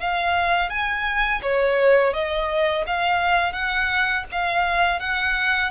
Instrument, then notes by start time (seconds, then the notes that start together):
violin
0.00 F5
0.70 G#5
1.42 C#5
2.13 D#5
2.87 F5
3.53 F#5
4.31 F5
5.00 F#5